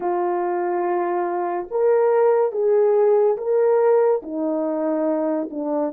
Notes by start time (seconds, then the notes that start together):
0.00 F4
1.70 A#4
2.52 G#4
3.36 A#4
4.22 D#4
5.50 D4